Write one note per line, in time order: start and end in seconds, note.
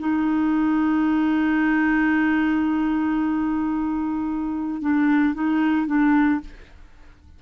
0.00 4.82 D#4
4.82 5.34 D4
5.34 5.87 D#4
5.87 6.40 D4